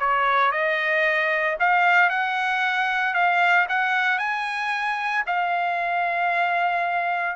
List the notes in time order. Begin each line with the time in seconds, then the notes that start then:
0.00 C#5
0.52 D#5
1.60 F5
2.10 F#5
3.14 F5
3.69 F#5
4.19 G#5
5.27 F5